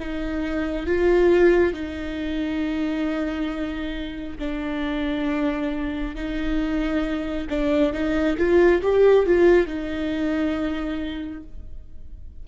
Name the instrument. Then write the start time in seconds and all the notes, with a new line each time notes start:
viola
0.00 D#4
0.87 F4
1.73 D#4
4.39 D4
6.16 D#4
7.50 D4
7.93 D#4
8.38 F4
8.82 G4
9.26 F4
9.67 D#4